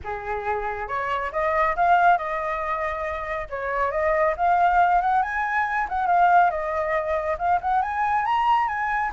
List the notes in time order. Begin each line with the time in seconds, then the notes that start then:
0.03 G#4
0.87 C#5
1.32 D#5
1.76 F5
2.17 D#5
3.49 C#5
3.91 D#5
4.36 F5
5.01 F#5
5.22 G#5
5.88 F#5
6.07 F5
6.50 D#5
7.38 F5
7.61 F#5
7.82 G#5
8.25 A#5
8.68 G#5